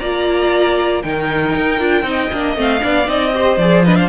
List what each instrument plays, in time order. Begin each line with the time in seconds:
0.00 cello A#3, viola F4, violin D5 A#5
1.03 cello D#3, viola D#4, violin A#4 G5
1.57 cello D#4
1.80 cello D4, viola F4
2.03 cello C4, viola D#4, violin D#5
2.33 cello A#3, viola D4
2.57 cello A3, viola C4, violin F5
2.80 cello B3, viola D4, violin D5
3.06 cello C4, viola D#4, violin D#5
3.33 viola G4, violin C5
3.57 cello F3, viola G#4, violin D5
3.85 viola D4, violin B4 D#5
3.97 violin C5 F5